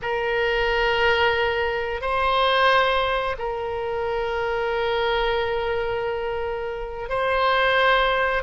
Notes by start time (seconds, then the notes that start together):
0.02 A#4
2.01 C5
3.38 A#4
7.09 C5